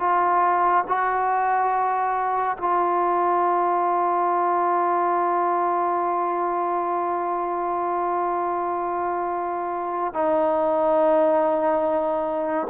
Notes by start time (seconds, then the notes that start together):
0.00 F4
0.88 F#4
2.58 F4
10.14 D#4